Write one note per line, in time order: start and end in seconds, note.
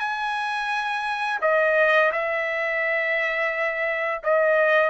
0.00 1.40 G#5
1.42 2.12 D#5
2.12 4.22 E5
4.24 4.90 D#5